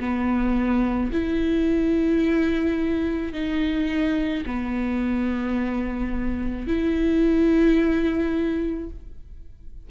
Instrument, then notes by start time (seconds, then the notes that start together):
viola
0.00 B3
1.13 E4
3.33 D#4
4.46 B3
6.68 E4